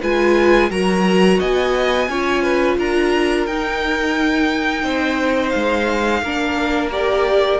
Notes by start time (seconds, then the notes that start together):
0.00 G#3 F4 B4 G#5
0.70 F#3 F#4 A#4 A#5
1.38 B3 D#5 G#5
2.08 C#4 F4 C#5
2.42 B4
2.77 D4 A#4 A#5
3.46 D#4 G5
4.83 C4 C5
5.49 G#3 F5
6.21 A#3 D4 A#4
6.91 G4 D5